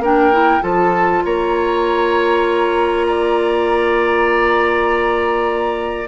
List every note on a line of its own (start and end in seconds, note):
0.00 0.61 A#3
0.00 0.33 D4
0.00 0.63 A#4
0.00 0.63 G5
0.33 0.60 E4
0.60 1.24 F3
0.60 6.06 F4
0.60 1.24 A4
0.60 1.24 A5
1.25 6.09 A#3
1.25 3.07 C#5
1.25 6.09 A#5
3.08 6.09 D5